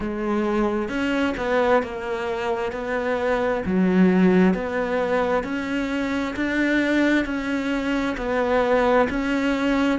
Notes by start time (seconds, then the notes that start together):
0.00 G#3
0.88 C#4
1.37 B3
1.82 A#3
2.72 B3
3.65 F#3
4.54 B3
5.43 C#4
6.36 D4
7.25 C#4
8.17 B3
9.09 C#4